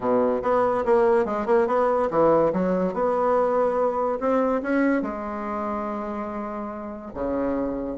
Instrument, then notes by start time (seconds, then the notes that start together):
bassoon
0.00 B2
0.42 B3
0.85 A#3
1.25 G#3
1.46 A#3
1.67 B3
2.10 E3
2.53 F#3
2.93 B3
4.19 C4
4.62 C#4
5.02 G#3
7.13 C#3